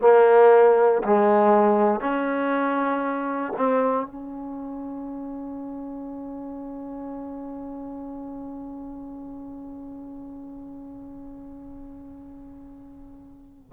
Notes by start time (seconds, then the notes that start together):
0.01 A#3
1.03 G#3
2.00 C#4
3.56 C4
4.06 C#4